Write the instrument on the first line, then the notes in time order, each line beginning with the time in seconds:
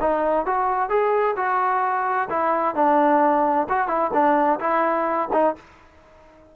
trombone
0.00 D#4
0.45 F#4
0.89 G#4
1.36 F#4
2.30 E4
2.75 D4
3.69 F#4
3.87 E4
4.13 D4
4.59 E4
5.32 D#4